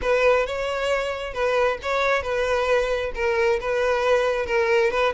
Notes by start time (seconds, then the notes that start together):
0.01 B4
0.46 C#5
1.33 B4
1.82 C#5
2.22 B4
3.14 A#4
3.60 B4
4.46 A#4
4.91 B4